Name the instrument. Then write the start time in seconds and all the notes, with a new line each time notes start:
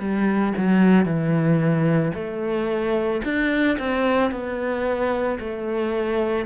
cello
0.00 G3
0.57 F#3
1.05 E3
2.15 A3
3.24 D4
3.79 C4
4.31 B3
5.40 A3